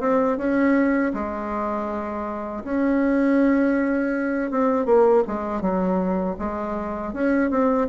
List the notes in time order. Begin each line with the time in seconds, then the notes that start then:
0.00 C4
0.38 C#4
1.14 G#3
2.64 C#4
4.51 C4
4.86 A#3
5.27 G#3
5.61 F#3
6.39 G#3
7.13 C#4
7.51 C4